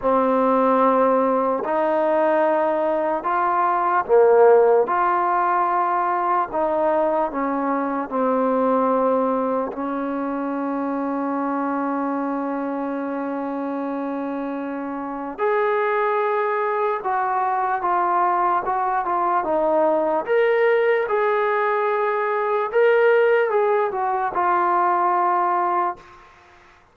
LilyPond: \new Staff \with { instrumentName = "trombone" } { \time 4/4 \tempo 4 = 74 c'2 dis'2 | f'4 ais4 f'2 | dis'4 cis'4 c'2 | cis'1~ |
cis'2. gis'4~ | gis'4 fis'4 f'4 fis'8 f'8 | dis'4 ais'4 gis'2 | ais'4 gis'8 fis'8 f'2 | }